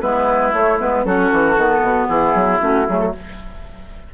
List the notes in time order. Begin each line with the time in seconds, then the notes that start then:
0.00 G#3 B3 E4 B4
0.53 A3 C#5
0.80 G#3 B3 B4
1.04 F#3 C#4 F#4 A4
1.32 E3
1.57 D#3 B3
1.81 B2
2.07 E3 E4 G#4
2.34 F#3
2.60 A3 C#4 F#4
2.88 F#3 A3 G#4
2.99 A4